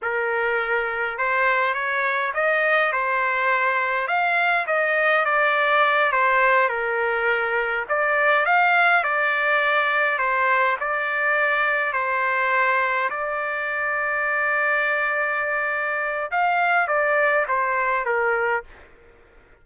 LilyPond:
\new Staff \with { instrumentName = "trumpet" } { \time 4/4 \tempo 4 = 103 ais'2 c''4 cis''4 | dis''4 c''2 f''4 | dis''4 d''4. c''4 ais'8~ | ais'4. d''4 f''4 d''8~ |
d''4. c''4 d''4.~ | d''8 c''2 d''4.~ | d''1 | f''4 d''4 c''4 ais'4 | }